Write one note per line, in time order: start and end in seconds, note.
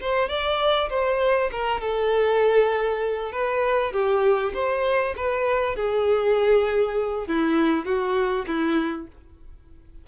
0.00 0.28 C5
0.28 0.89 D5
0.89 1.50 C5
1.52 1.80 A#4
1.80 3.32 A4
3.32 3.92 B4
3.92 4.53 G4
4.54 5.14 C5
5.16 5.75 B4
5.75 7.27 G#4
7.27 7.85 E4
7.85 8.45 F#4
8.46 9.07 E4